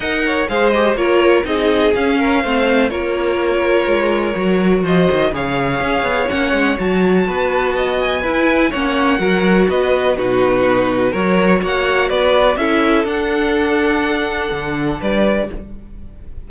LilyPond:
<<
  \new Staff \with { instrumentName = "violin" } { \time 4/4 \tempo 4 = 124 fis''4 f''8 dis''8 cis''4 dis''4 | f''2 cis''2~ | cis''2 dis''4 f''4~ | f''4 fis''4 a''2~ |
a''8 gis''4. fis''2 | dis''4 b'2 cis''4 | fis''4 d''4 e''4 fis''4~ | fis''2. d''4 | }
  \new Staff \with { instrumentName = "violin" } { \time 4/4 dis''8 cis''8 c''4 ais'4 gis'4~ | gis'8 ais'8 c''4 ais'2~ | ais'2 c''4 cis''4~ | cis''2. b'4 |
dis''4 b'4 cis''4 ais'4 | b'4 fis'2 ais'4 | cis''4 b'4 a'2~ | a'2. b'4 | }
  \new Staff \with { instrumentName = "viola" } { \time 4/4 ais'4 gis'8 g'8 f'4 dis'4 | cis'4 c'4 f'2~ | f'4 fis'2 gis'4~ | gis'4 cis'4 fis'2~ |
fis'4 e'4 cis'4 fis'4~ | fis'4 dis'2 fis'4~ | fis'2 e'4 d'4~ | d'1 | }
  \new Staff \with { instrumentName = "cello" } { \time 4/4 dis'4 gis4 ais4 c'4 | cis'4 a4 ais2 | gis4 fis4 f8 dis8 cis4 | cis'8 b8 ais8 gis8 fis4 b4~ |
b4 e'4 ais4 fis4 | b4 b,2 fis4 | ais4 b4 cis'4 d'4~ | d'2 d4 g4 | }
>>